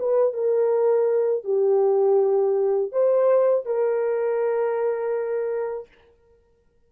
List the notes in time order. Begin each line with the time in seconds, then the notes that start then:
0.00 B4
0.34 A#4
1.44 G4
2.93 C5
3.66 A#4